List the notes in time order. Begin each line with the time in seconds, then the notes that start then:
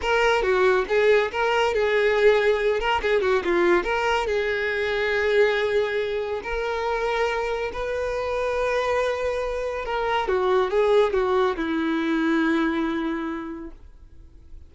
0.01 A#4
0.42 F#4
0.88 G#4
1.31 A#4
1.74 G#4
2.80 A#4
3.02 G#4
3.21 F#4
3.44 F4
3.83 A#4
4.26 G#4
6.43 A#4
7.73 B4
9.85 A#4
10.28 F#4
10.70 G#4
11.13 F#4
11.56 E4